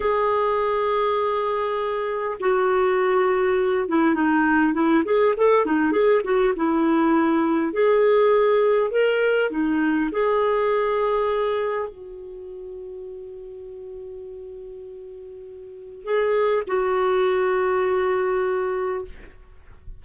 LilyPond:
\new Staff \with { instrumentName = "clarinet" } { \time 4/4 \tempo 4 = 101 gis'1 | fis'2~ fis'8 e'8 dis'4 | e'8 gis'8 a'8 dis'8 gis'8 fis'8 e'4~ | e'4 gis'2 ais'4 |
dis'4 gis'2. | fis'1~ | fis'2. gis'4 | fis'1 | }